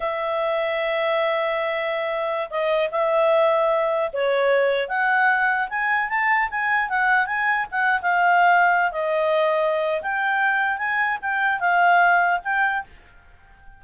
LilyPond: \new Staff \with { instrumentName = "clarinet" } { \time 4/4 \tempo 4 = 150 e''1~ | e''2~ e''16 dis''4 e''8.~ | e''2~ e''16 cis''4.~ cis''16~ | cis''16 fis''2 gis''4 a''8.~ |
a''16 gis''4 fis''4 gis''4 fis''8. | f''2~ f''16 dis''4.~ dis''16~ | dis''4 g''2 gis''4 | g''4 f''2 g''4 | }